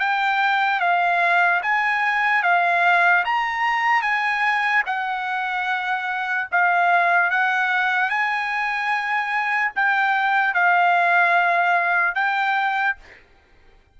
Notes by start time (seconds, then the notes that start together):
0.00 G5
0.80 F5
1.63 G#5
2.43 F5
3.25 A#5
4.02 G#5
4.86 F#5
6.52 F5
7.31 F#5
8.10 G#5
9.76 G5
10.54 F5
12.15 G5